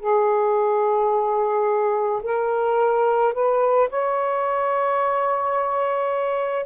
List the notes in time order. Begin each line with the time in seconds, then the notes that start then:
0.00 G#4
2.23 A#4
3.34 B4
3.90 C#5